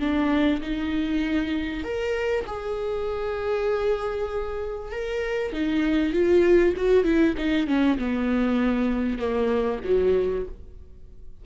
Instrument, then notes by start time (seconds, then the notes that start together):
viola
0.00 D4
0.62 D#4
1.84 A#4
2.47 G#4
4.92 A#4
5.53 D#4
6.14 F4
6.77 F#4
7.05 E4
7.38 D#4
7.68 C#4
7.99 B3
9.19 A#3
9.85 F#3